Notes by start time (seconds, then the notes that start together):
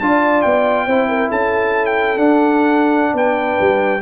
0.00 D4 F4 D5 A5
0.42 B3 G5
0.86 C4 E4 C5
1.08 A#4
1.30 C#4 A4 A5
1.86 G5
2.17 D4 F#5
3.14 B3 B4 G5
3.61 G3